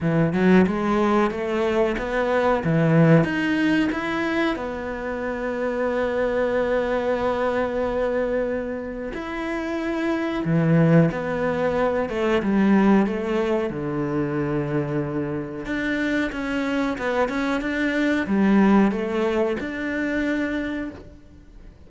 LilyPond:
\new Staff \with { instrumentName = "cello" } { \time 4/4 \tempo 4 = 92 e8 fis8 gis4 a4 b4 | e4 dis'4 e'4 b4~ | b1~ | b2 e'2 |
e4 b4. a8 g4 | a4 d2. | d'4 cis'4 b8 cis'8 d'4 | g4 a4 d'2 | }